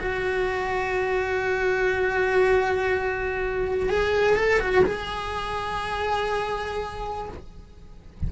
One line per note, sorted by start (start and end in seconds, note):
0.00 3.90 F#4
3.90 4.37 G#4
4.37 4.60 A4
4.60 4.85 F#4
4.85 7.29 G#4